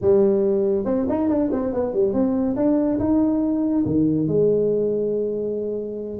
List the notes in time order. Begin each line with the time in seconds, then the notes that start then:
0.01 G3
0.85 C4
1.09 D#4
1.28 D4
1.52 C4
1.73 B3
1.93 G3
2.13 C4
2.56 D4
2.99 D#4
3.85 D#3
4.27 G#3